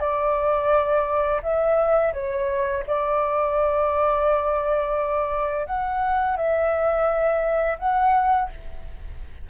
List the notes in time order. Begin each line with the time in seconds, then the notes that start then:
0.00 D5
1.43 E5
2.14 C#5
2.87 D5
5.67 F#5
6.37 E5
7.79 F#5